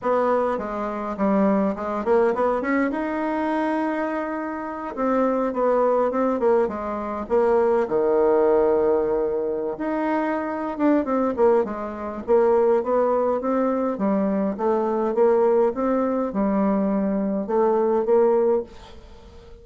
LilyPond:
\new Staff \with { instrumentName = "bassoon" } { \time 4/4 \tempo 4 = 103 b4 gis4 g4 gis8 ais8 | b8 cis'8 dis'2.~ | dis'8 c'4 b4 c'8 ais8 gis8~ | gis8 ais4 dis2~ dis8~ |
dis8. dis'4.~ dis'16 d'8 c'8 ais8 | gis4 ais4 b4 c'4 | g4 a4 ais4 c'4 | g2 a4 ais4 | }